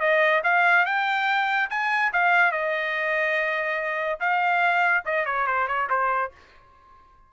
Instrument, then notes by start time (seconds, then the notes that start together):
trumpet
0.00 D#5
0.43 F5
0.85 G5
1.70 G#5
2.12 F5
2.52 D#5
4.20 F5
5.05 D#5
5.25 C#5
5.47 C5
5.67 C#5
5.90 C5